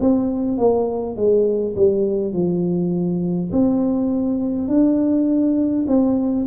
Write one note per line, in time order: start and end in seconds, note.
0.00 0.58 C4
0.58 1.16 A#3
1.16 1.75 G#3
1.76 2.33 G3
2.33 3.51 F3
3.52 4.68 C4
4.68 5.86 D4
5.88 6.47 C4